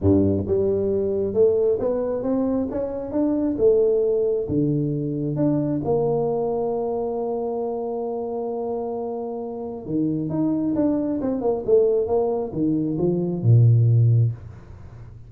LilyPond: \new Staff \with { instrumentName = "tuba" } { \time 4/4 \tempo 4 = 134 g,4 g2 a4 | b4 c'4 cis'4 d'4 | a2 d2 | d'4 ais2.~ |
ais1~ | ais2 dis4 dis'4 | d'4 c'8 ais8 a4 ais4 | dis4 f4 ais,2 | }